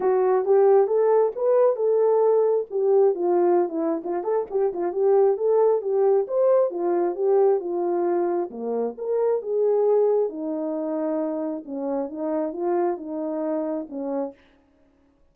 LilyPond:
\new Staff \with { instrumentName = "horn" } { \time 4/4 \tempo 4 = 134 fis'4 g'4 a'4 b'4 | a'2 g'4 f'4~ | f'16 e'8. f'8 a'8 g'8 f'8 g'4 | a'4 g'4 c''4 f'4 |
g'4 f'2 ais4 | ais'4 gis'2 dis'4~ | dis'2 cis'4 dis'4 | f'4 dis'2 cis'4 | }